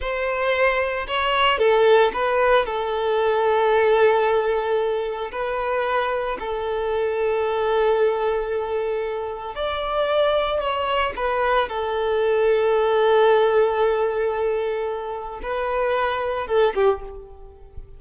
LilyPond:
\new Staff \with { instrumentName = "violin" } { \time 4/4 \tempo 4 = 113 c''2 cis''4 a'4 | b'4 a'2.~ | a'2 b'2 | a'1~ |
a'2 d''2 | cis''4 b'4 a'2~ | a'1~ | a'4 b'2 a'8 g'8 | }